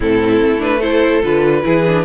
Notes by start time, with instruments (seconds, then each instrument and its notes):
0.00 cello A2, viola C4, violin E4 A4
0.41 cello A3
0.58 viola D4, violin B4
0.79 viola E4, violin A4 C5
1.22 cello D3, viola F4, violin B4
1.62 cello E3, viola E4, violin G#4
1.86 viola D4